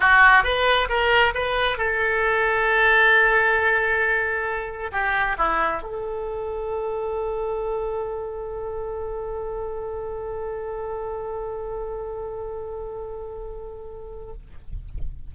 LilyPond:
\new Staff \with { instrumentName = "oboe" } { \time 4/4 \tempo 4 = 134 fis'4 b'4 ais'4 b'4 | a'1~ | a'2. g'4 | e'4 a'2.~ |
a'1~ | a'1~ | a'1~ | a'1 | }